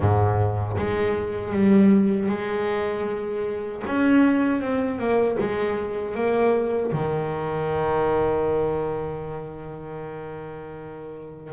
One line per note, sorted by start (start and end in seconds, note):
0.00 0.77 G#2
0.77 1.52 G#3
1.52 2.28 G3
2.28 3.82 G#3
3.86 4.60 C#4
4.60 4.98 C4
4.98 5.37 A#3
5.39 6.14 G#3
6.14 6.91 A#3
6.92 11.52 D#3